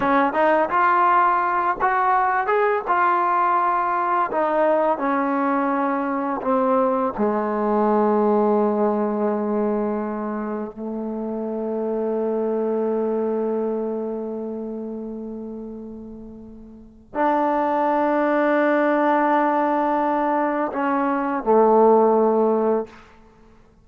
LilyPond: \new Staff \with { instrumentName = "trombone" } { \time 4/4 \tempo 4 = 84 cis'8 dis'8 f'4. fis'4 gis'8 | f'2 dis'4 cis'4~ | cis'4 c'4 gis2~ | gis2. a4~ |
a1~ | a1 | d'1~ | d'4 cis'4 a2 | }